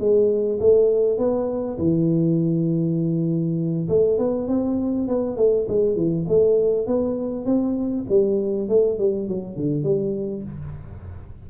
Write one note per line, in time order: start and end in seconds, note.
0.00 0.60 G#3
0.60 1.18 A3
1.18 1.78 B3
1.79 3.89 E3
3.89 4.19 A3
4.19 4.48 B3
4.48 5.08 C4
5.08 5.37 B3
5.37 5.67 A3
5.69 5.96 G#3
5.96 6.26 E3
6.28 6.87 A3
6.87 7.46 B3
7.46 8.06 C4
8.09 8.69 G3
8.69 8.99 A3
8.99 9.28 G3
9.28 9.57 F#3
9.57 9.84 D3
9.84 10.44 G3